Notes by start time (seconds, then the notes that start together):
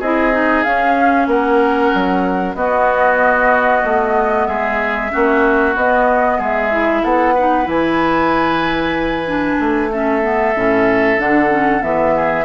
0.00 C4 E4 G#4 D#5
0.32 D#4
0.63 C#4 F5
1.27 A#3 A#4 F#5
1.95 F#3
2.55 B3 F#4 D#5
3.84 A3
4.47 G#3 G#4 E5
5.11 A#3 C#4 F#4
5.75 B3 D#5
6.38 G#3 G#4 E5
6.71 E4
7.04 B3 A4 F#5
7.34 D#4 B4
7.64 E3 E4 G#5
9.27 D4
9.59 A3
9.92 C#4 A4 E5
10.22 B3
10.55 A2 C#4
11.18 D3 D4 F#5
11.49 C#4
11.81 E3 B3 E5
12.15 G#4